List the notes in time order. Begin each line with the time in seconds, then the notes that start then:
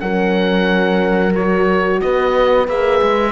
0.00 F#3 C#4 A#4 F#5
1.35 F#4 C#5
2.00 B3 B4 D#5
2.68 A#3 G#4 E5
3.02 G#3